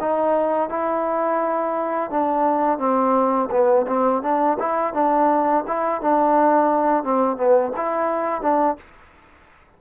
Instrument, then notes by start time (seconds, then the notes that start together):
trombone
0.00 D#4
0.69 E4
2.10 D4
2.79 C4
3.50 B3
3.87 C4
4.22 D4
4.59 E4
4.93 D4
5.67 E4
6.01 D4
7.04 C4
7.37 B3
7.76 E4
8.42 D4